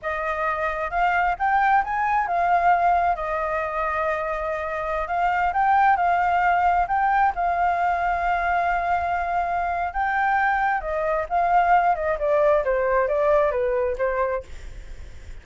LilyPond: \new Staff \with { instrumentName = "flute" } { \time 4/4 \tempo 4 = 133 dis''2 f''4 g''4 | gis''4 f''2 dis''4~ | dis''2.~ dis''16 f''8.~ | f''16 g''4 f''2 g''8.~ |
g''16 f''2.~ f''8.~ | f''2 g''2 | dis''4 f''4. dis''8 d''4 | c''4 d''4 b'4 c''4 | }